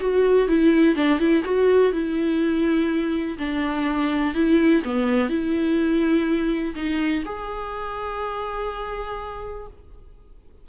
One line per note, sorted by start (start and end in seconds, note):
0.00 0.48 F#4
0.48 0.95 E4
0.95 1.19 D4
1.19 1.43 E4
1.44 1.92 F#4
1.92 3.37 E4
3.38 4.34 D4
4.34 4.83 E4
4.84 5.29 B3
5.29 6.74 E4
6.75 7.24 D#4
7.25 9.67 G#4